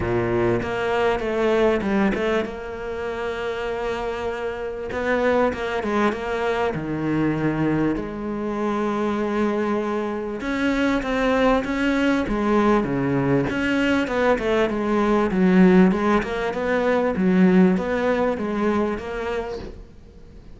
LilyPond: \new Staff \with { instrumentName = "cello" } { \time 4/4 \tempo 4 = 98 ais,4 ais4 a4 g8 a8 | ais1 | b4 ais8 gis8 ais4 dis4~ | dis4 gis2.~ |
gis4 cis'4 c'4 cis'4 | gis4 cis4 cis'4 b8 a8 | gis4 fis4 gis8 ais8 b4 | fis4 b4 gis4 ais4 | }